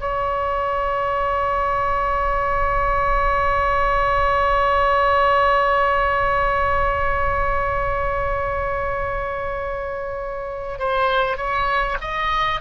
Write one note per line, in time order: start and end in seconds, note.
0.00 10.79 C#5
10.79 11.37 C5
11.37 11.97 C#5
12.01 12.61 D#5